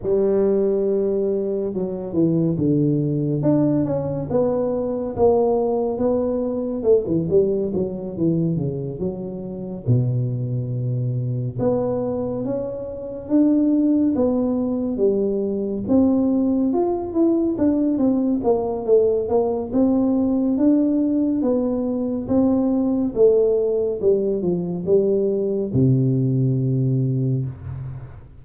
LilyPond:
\new Staff \with { instrumentName = "tuba" } { \time 4/4 \tempo 4 = 70 g2 fis8 e8 d4 | d'8 cis'8 b4 ais4 b4 | a16 e16 g8 fis8 e8 cis8 fis4 b,8~ | b,4. b4 cis'4 d'8~ |
d'8 b4 g4 c'4 f'8 | e'8 d'8 c'8 ais8 a8 ais8 c'4 | d'4 b4 c'4 a4 | g8 f8 g4 c2 | }